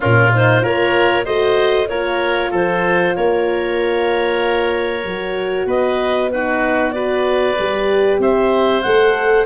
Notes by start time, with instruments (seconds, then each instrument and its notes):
0.00 tuba A#2, horn C#4, oboe F4, clarinet A#4
0.33 horn D#4, clarinet C5
0.61 tuba A#3, horn F4, oboe A#4, clarinet C#5
1.24 tuba A3, horn F#4, oboe C5, clarinet D#5
1.87 tuba A#3, horn F4, oboe A#4, clarinet C#5
2.50 tuba F3, oboe A4, clarinet C5
3.15 tuba A#3, oboe A#4, clarinet C#5
5.04 tuba F#3, horn F#4
5.65 tuba B3, oboe B4, clarinet D#5
6.30 horn D#4, oboe F#4, clarinet B4
6.91 horn F#4, oboe B4, clarinet D5
7.59 tuba G3, horn G4
8.18 tuba C4, oboe C5, clarinet E5
8.82 tuba A3, horn A4, clarinet F#5